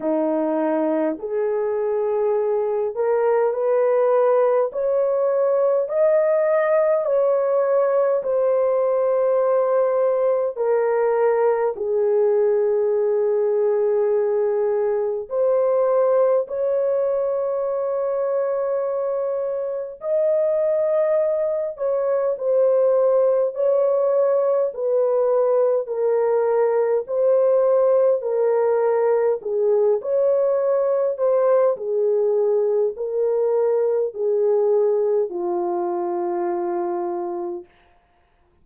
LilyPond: \new Staff \with { instrumentName = "horn" } { \time 4/4 \tempo 4 = 51 dis'4 gis'4. ais'8 b'4 | cis''4 dis''4 cis''4 c''4~ | c''4 ais'4 gis'2~ | gis'4 c''4 cis''2~ |
cis''4 dis''4. cis''8 c''4 | cis''4 b'4 ais'4 c''4 | ais'4 gis'8 cis''4 c''8 gis'4 | ais'4 gis'4 f'2 | }